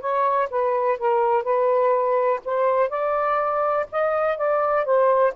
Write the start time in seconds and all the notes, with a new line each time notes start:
0.00 C#5
0.50 B4
0.98 A#4
1.43 B4
2.45 C5
2.89 D5
3.91 D#5
4.37 D5
4.85 C5